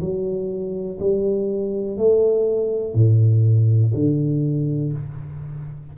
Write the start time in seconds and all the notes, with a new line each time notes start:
0.00 F#3
1.00 G3
1.97 A3
2.94 A2
3.94 D3